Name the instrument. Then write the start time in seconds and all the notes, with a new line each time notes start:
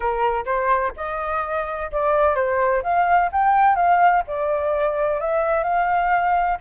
flute
0.00 A#4
0.45 C5
0.96 D#5
1.91 D5
2.35 C5
2.83 F5
3.32 G5
3.75 F5
4.27 D5
5.20 E5
5.63 F5